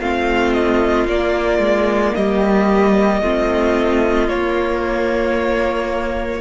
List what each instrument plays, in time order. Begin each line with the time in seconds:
0.00 cello A3, viola C4, violin F4 F5
0.53 violin D#5
1.07 cello A#3, viola A#3, violin D5
1.59 cello G#3
2.15 cello G3, violin G4 D#5
3.22 cello A3, viola C4, violin F4
4.29 cello A#3, viola A#3, violin C#5